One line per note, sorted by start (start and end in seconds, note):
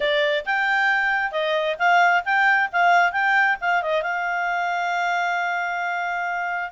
0.00 0.45 D5
0.45 1.31 G5
1.31 1.76 D#5
1.78 2.23 F5
2.24 2.69 G5
2.72 3.12 F5
3.12 3.56 G5
3.60 3.82 F5
3.82 4.02 D#5
4.02 6.71 F5